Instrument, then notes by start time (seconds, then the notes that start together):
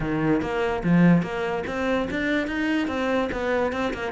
cello
0.00 D#3
0.41 A#3
0.83 F3
1.22 A#3
1.67 C4
2.10 D4
2.47 D#4
2.87 C4
3.32 B3
3.72 C4
3.93 A#3